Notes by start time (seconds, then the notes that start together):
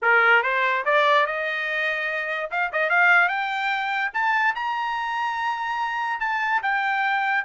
0.02 A#4
0.43 C5
0.85 D5
1.26 D#5
2.50 F5
2.72 D#5
2.89 F5
3.28 G5
4.13 A5
4.55 A#5
6.20 A5
6.62 G5